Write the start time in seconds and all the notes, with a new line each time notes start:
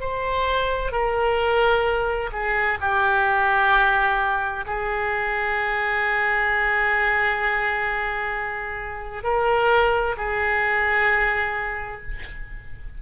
0.00 C5
0.92 A#4
2.32 G#4
2.81 G4
4.66 G#4
9.23 A#4
10.17 G#4